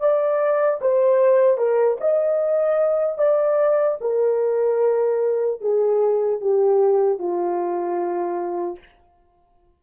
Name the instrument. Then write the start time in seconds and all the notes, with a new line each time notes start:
horn
0.00 D5
0.81 C5
1.58 A#4
2.00 D#5
3.18 D5
4.01 A#4
5.61 G#4
6.41 G4
7.19 F4